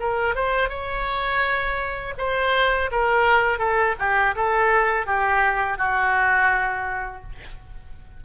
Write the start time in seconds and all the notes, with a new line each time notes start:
0.00 A#4
0.35 C5
0.69 C#5
2.18 C5
2.92 A#4
3.59 A4
3.99 G4
4.35 A4
5.06 G4
5.78 F#4